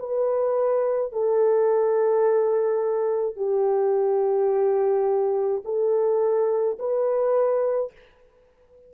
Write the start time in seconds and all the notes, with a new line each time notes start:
0.00 B4
1.13 A4
3.37 G4
5.65 A4
6.79 B4